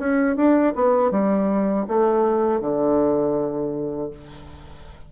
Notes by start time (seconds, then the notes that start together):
0.00 C#4
0.37 D4
0.76 B3
1.11 G3
1.88 A3
2.61 D3